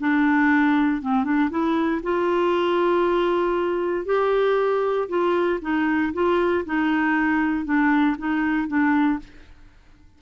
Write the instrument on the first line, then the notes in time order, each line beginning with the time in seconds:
clarinet
0.00 D4
1.02 C4
1.24 D4
1.50 E4
2.03 F4
4.06 G4
5.09 F4
5.62 D#4
6.14 F4
6.65 D#4
7.65 D4
8.18 D#4
8.68 D4